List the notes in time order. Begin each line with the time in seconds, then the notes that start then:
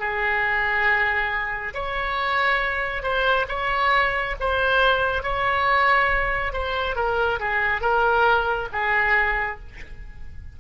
0.00 G#4
1.74 C#5
3.03 C5
3.49 C#5
4.40 C5
5.23 C#5
6.53 C5
6.96 A#4
7.40 G#4
7.81 A#4
8.73 G#4